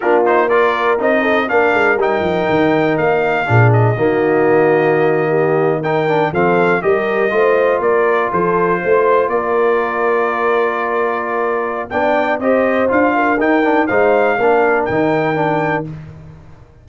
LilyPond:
<<
  \new Staff \with { instrumentName = "trumpet" } { \time 4/4 \tempo 4 = 121 ais'8 c''8 d''4 dis''4 f''4 | g''2 f''4. dis''8~ | dis''2.~ dis''8. g''16~ | g''8. f''4 dis''2 d''16~ |
d''8. c''2 d''4~ d''16~ | d''1 | g''4 dis''4 f''4 g''4 | f''2 g''2 | }
  \new Staff \with { instrumentName = "horn" } { \time 4/4 f'4 ais'4. a'8 ais'4~ | ais'2. gis'4 | fis'2~ fis'8. g'4 ais'16~ | ais'8. a'4 ais'4 c''4 ais'16~ |
ais'8. a'4 c''4 ais'4~ ais'16~ | ais'1 | d''4 c''4. ais'4. | c''4 ais'2. | }
  \new Staff \with { instrumentName = "trombone" } { \time 4/4 d'8 dis'8 f'4 dis'4 d'4 | dis'2. d'4 | ais2.~ ais8. dis'16~ | dis'16 d'8 c'4 g'4 f'4~ f'16~ |
f'1~ | f'1 | d'4 g'4 f'4 dis'8 d'8 | dis'4 d'4 dis'4 d'4 | }
  \new Staff \with { instrumentName = "tuba" } { \time 4/4 ais2 c'4 ais8 gis8 | g8 f8 dis4 ais4 ais,4 | dis1~ | dis8. f4 g4 a4 ais16~ |
ais8. f4 a4 ais4~ ais16~ | ais1 | b4 c'4 d'4 dis'4 | gis4 ais4 dis2 | }
>>